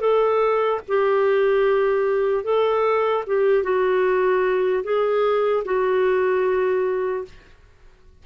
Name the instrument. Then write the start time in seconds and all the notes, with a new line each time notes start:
clarinet
0.00 A4
0.88 G4
2.44 A4
3.27 G4
3.63 F#4
4.83 G#4
5.64 F#4